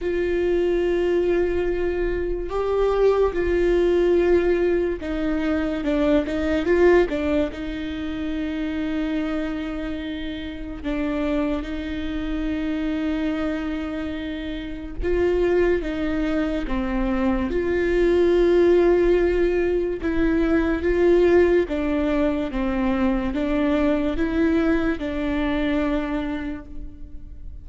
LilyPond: \new Staff \with { instrumentName = "viola" } { \time 4/4 \tempo 4 = 72 f'2. g'4 | f'2 dis'4 d'8 dis'8 | f'8 d'8 dis'2.~ | dis'4 d'4 dis'2~ |
dis'2 f'4 dis'4 | c'4 f'2. | e'4 f'4 d'4 c'4 | d'4 e'4 d'2 | }